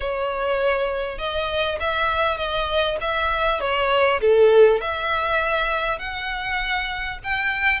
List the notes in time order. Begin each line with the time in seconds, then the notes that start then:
0.00 C#5
1.18 D#5
1.80 E5
2.37 D#5
3.00 E5
3.60 C#5
4.20 A4
4.80 E5
5.98 F#5
7.23 G5